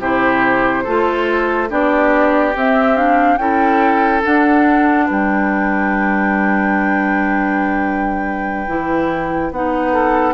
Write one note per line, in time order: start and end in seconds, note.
0.00 0.85 C3
0.00 0.86 E4
0.00 0.84 G4
0.00 1.70 C5
0.84 1.71 A3
0.84 1.69 F4
0.84 1.68 A4
1.69 2.55 B3
1.69 2.54 D4
1.69 3.40 G4
1.69 2.56 D5
2.56 3.38 C4
2.56 2.96 C4
2.56 2.97 E5
2.96 3.39 D4
2.96 3.37 F5
3.37 4.22 C#4
3.37 4.23 E4
3.37 5.06 A4
3.37 4.22 G5
4.23 8.66 D4
4.23 5.09 D4
4.23 5.09 F#5
5.06 8.68 G3
5.06 9.92 B4
5.06 9.53 G5
8.68 9.51 E3
8.68 9.52 E4
9.51 10.34 B3
9.51 10.34 D#4
9.51 10.34 F#5
9.93 10.34 A4